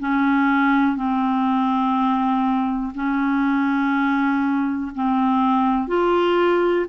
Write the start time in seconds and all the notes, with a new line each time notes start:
0.00 C#4
0.96 C4
2.95 C#4
4.94 C4
5.87 F4